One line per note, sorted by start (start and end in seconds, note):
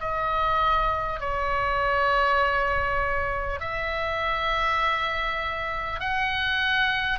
0.00 1.19 D#5
1.19 3.59 C#5
3.60 5.99 E5
5.99 7.18 F#5